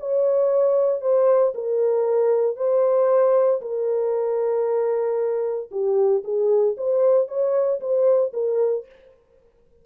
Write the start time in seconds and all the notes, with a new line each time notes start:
0.00 C#5
1.02 C5
1.55 A#4
2.57 C5
3.62 A#4
5.71 G4
6.24 G#4
6.78 C5
7.28 C#5
7.81 C5
8.34 A#4